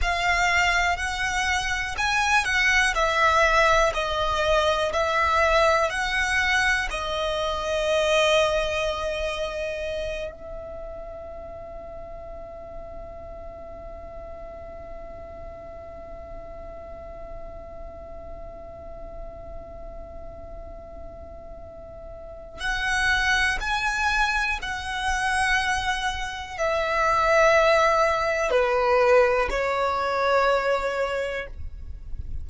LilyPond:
\new Staff \with { instrumentName = "violin" } { \time 4/4 \tempo 4 = 61 f''4 fis''4 gis''8 fis''8 e''4 | dis''4 e''4 fis''4 dis''4~ | dis''2~ dis''8 e''4.~ | e''1~ |
e''1~ | e''2. fis''4 | gis''4 fis''2 e''4~ | e''4 b'4 cis''2 | }